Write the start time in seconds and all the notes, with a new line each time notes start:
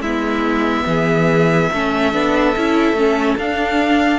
0.00 G#3 B3 E4 E5
0.86 E3 G#4
1.72 A3 C#4 A4
2.12 B3 D4
2.56 C#4 E4
2.92 A3 C#4
3.37 D4 F5